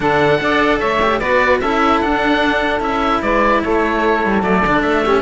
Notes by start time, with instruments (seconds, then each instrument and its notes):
0.00 cello D3 D4, saxophone A4, oboe F#5
0.38 cello D4 A4, saxophone D5
0.79 cello A3, saxophone C#5, oboe E5
1.01 cello G4
1.19 cello B3 F#4, saxophone B4, oboe D5
1.60 cello C#4 E4, saxophone A4, oboe E5
2.00 cello D4, oboe F#5
2.79 cello C#4 E4, oboe E5
3.22 cello G#3, saxophone B4, oboe D5
3.63 cello A3, saxophone A4, oboe C#5
4.25 cello G3
4.42 cello F#3 A3, oboe D5
4.64 cello D3 D4
4.81 cello A3, oboe E5
5.03 cello C#4, saxophone G4